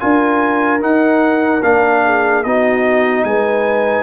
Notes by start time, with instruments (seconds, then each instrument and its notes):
0.00 tuba D4, trombone F4, horn A#4, trumpet G#5
0.81 trombone D#4, tuba D#4, trumpet F#5
1.63 tuba A#3, trombone D4, trumpet F5
2.05 horn G#4
2.44 tuba B3, trombone D#4, horn F#4, trumpet D#5
3.24 tuba G#3, horn B4, trumpet G#5